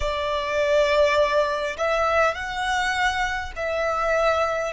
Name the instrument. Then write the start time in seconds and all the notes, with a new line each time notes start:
violin
0.00 D5
1.77 E5
2.34 F#5
3.56 E5